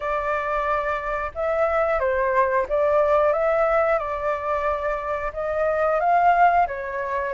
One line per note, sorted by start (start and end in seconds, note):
0.00 1.31 D5
1.35 1.99 E5
1.99 2.66 C5
2.68 3.32 D5
3.32 3.98 E5
3.98 5.32 D5
5.33 6.00 D#5
6.00 6.66 F5
6.67 7.33 C#5